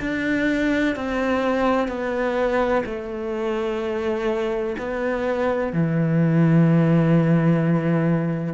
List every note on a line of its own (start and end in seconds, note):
0.00 0.95 D4
0.95 1.87 C4
1.87 2.83 B3
2.85 4.76 A3
4.77 5.72 B3
5.72 8.54 E3